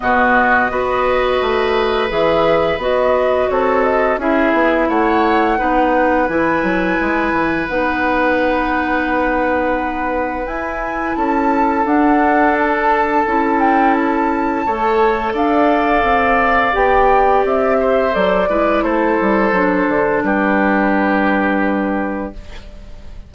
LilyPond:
<<
  \new Staff \with { instrumentName = "flute" } { \time 4/4 \tempo 4 = 86 dis''2. e''4 | dis''4 cis''8 dis''8 e''4 fis''4~ | fis''4 gis''2 fis''4~ | fis''2. gis''4 |
a''4 fis''4 a''4. g''8 | a''2 f''2 | g''4 e''4 d''4 c''4~ | c''4 b'2. | }
  \new Staff \with { instrumentName = "oboe" } { \time 4/4 fis'4 b'2.~ | b'4 a'4 gis'4 cis''4 | b'1~ | b'1 |
a'1~ | a'4 cis''4 d''2~ | d''4. c''4 b'8 a'4~ | a'4 g'2. | }
  \new Staff \with { instrumentName = "clarinet" } { \time 4/4 b4 fis'2 gis'4 | fis'2 e'2 | dis'4 e'2 dis'4~ | dis'2. e'4~ |
e'4 d'2 e'4~ | e'4 a'2. | g'2 a'8 e'4. | d'1 | }
  \new Staff \with { instrumentName = "bassoon" } { \time 4/4 b,4 b4 a4 e4 | b4 c'4 cis'8 b8 a4 | b4 e8 fis8 gis8 e8 b4~ | b2. e'4 |
cis'4 d'2 cis'4~ | cis'4 a4 d'4 c'4 | b4 c'4 fis8 gis8 a8 g8 | fis8 d8 g2. | }
>>